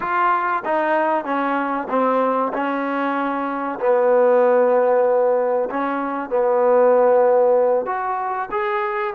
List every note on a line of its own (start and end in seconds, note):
0.00 0.63 F4
0.64 1.24 D#4
1.24 1.87 C#4
1.89 2.52 C4
2.53 3.79 C#4
3.79 5.69 B3
5.70 6.29 C#4
6.29 7.86 B3
7.86 8.49 F#4
8.51 9.14 G#4